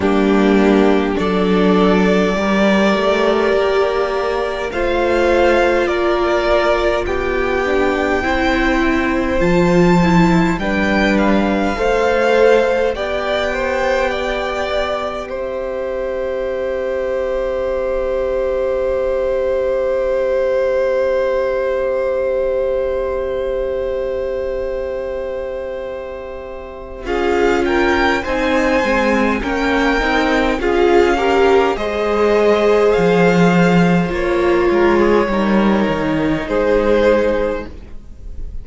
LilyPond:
<<
  \new Staff \with { instrumentName = "violin" } { \time 4/4 \tempo 4 = 51 g'4 d''2. | f''4 d''4 g''2 | a''4 g''8 f''4. g''4~ | g''4 e''2.~ |
e''1~ | e''2. f''8 g''8 | gis''4 g''4 f''4 dis''4 | f''4 cis''2 c''4 | }
  \new Staff \with { instrumentName = "violin" } { \time 4/4 d'4 a'4 ais'2 | c''4 ais'4 g'4 c''4~ | c''4 b'4 c''4 d''8 c''8 | d''4 c''2.~ |
c''1~ | c''2. gis'8 ais'8 | c''4 ais'4 gis'8 ais'8 c''4~ | c''4. ais'16 gis'16 ais'4 gis'4 | }
  \new Staff \with { instrumentName = "viola" } { \time 4/4 ais4 d'4 g'2 | f'2~ f'8 d'8 e'4 | f'8 e'8 d'4 a'4 g'4~ | g'1~ |
g'1~ | g'2. f'4 | dis'8 c'8 cis'8 dis'8 f'8 g'8 gis'4~ | gis'4 f'4 dis'2 | }
  \new Staff \with { instrumentName = "cello" } { \time 4/4 g4 fis4 g8 a8 ais4 | a4 ais4 b4 c'4 | f4 g4 a4 b4~ | b4 c'2.~ |
c'1~ | c'2. cis'4 | c'8 gis8 ais8 c'8 cis'4 gis4 | f4 ais8 gis8 g8 dis8 gis4 | }
>>